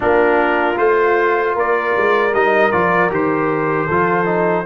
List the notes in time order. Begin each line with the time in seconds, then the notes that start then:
0.00 A#3 D4 F4 A#4
0.75 A3 F4 C5
1.53 A#3 A#4 D5
1.96 G#3
2.33 G3 D#4 D#5
2.71 F3 F4 D5
3.10 D#3 G4 C5
3.86 F3 F4 A4
4.25 D#4